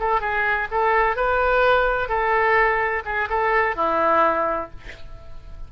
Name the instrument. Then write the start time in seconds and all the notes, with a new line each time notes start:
oboe
0.00 A4
0.21 G#4
0.71 A4
1.16 B4
2.09 A4
3.05 G#4
3.30 A4
3.76 E4